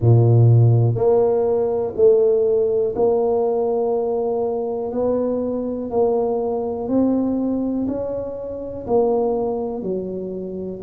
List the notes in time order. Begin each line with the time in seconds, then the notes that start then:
0.00 A#2
0.95 A#3
1.95 A3
2.95 A#3
4.92 B3
5.90 A#3
6.88 C4
7.87 C#4
8.86 A#3
9.82 F#3